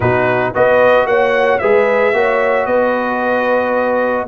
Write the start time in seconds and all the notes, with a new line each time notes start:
0.00 B2 D#4 F#4 B4
0.53 B3 F#4 B4 D#5
1.05 A#3 C#5 F#5
1.58 G#3 G#4 B4 E5
2.12 A#3 F#4 C#5
2.65 B3 B4 D#5